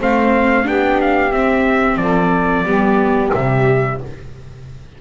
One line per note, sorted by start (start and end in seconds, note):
0.00 0.67 A3
0.00 0.64 C4
0.00 0.66 C5
0.00 0.68 F5
0.64 1.33 B3
0.64 1.31 D4
0.64 1.99 G4
0.64 1.01 G5
1.01 1.33 F5
1.33 1.97 C4
1.33 2.66 C4
1.33 1.97 E5
1.97 2.64 F3
1.97 2.65 A4
1.97 3.31 D5
2.64 3.31 G3
2.64 3.32 B3
2.64 3.99 G4
3.33 4.01 C3
3.33 4.00 G3
3.33 4.01 E5